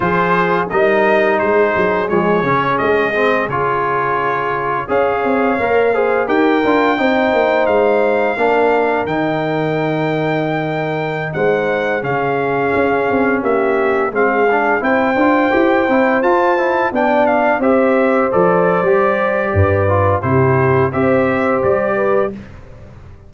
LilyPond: <<
  \new Staff \with { instrumentName = "trumpet" } { \time 4/4 \tempo 4 = 86 c''4 dis''4 c''4 cis''4 | dis''4 cis''2 f''4~ | f''4 g''2 f''4~ | f''4 g''2.~ |
g''16 fis''4 f''2 e''8.~ | e''16 f''4 g''2 a''8.~ | a''16 g''8 f''8 e''4 d''4.~ d''16~ | d''4 c''4 e''4 d''4 | }
  \new Staff \with { instrumentName = "horn" } { \time 4/4 gis'4 ais'4 gis'2~ | gis'2. cis''4~ | cis''8 c''8 ais'4 c''2 | ais'1~ |
ais'16 c''4 gis'2 g'8.~ | g'16 gis'4 c''2~ c''8.~ | c''16 d''4 c''2~ c''8. | b'4 g'4 c''4. b'8 | }
  \new Staff \with { instrumentName = "trombone" } { \time 4/4 f'4 dis'2 gis8 cis'8~ | cis'8 c'8 f'2 gis'4 | ais'8 gis'8 g'8 f'8 dis'2 | d'4 dis'2.~ |
dis'4~ dis'16 cis'2~ cis'8.~ | cis'16 c'8 d'8 e'8 f'8 g'8 e'8 f'8 e'16~ | e'16 d'4 g'4 a'8. g'4~ | g'8 f'8 e'4 g'2 | }
  \new Staff \with { instrumentName = "tuba" } { \time 4/4 f4 g4 gis8 fis8 f8 cis8 | gis4 cis2 cis'8 c'8 | ais4 dis'8 d'8 c'8 ais8 gis4 | ais4 dis2.~ |
dis16 gis4 cis4 cis'8 c'8 ais8.~ | ais16 gis4 c'8 d'8 e'8 c'8 f'8.~ | f'16 b4 c'4 f8. g4 | g,4 c4 c'4 g4 | }
>>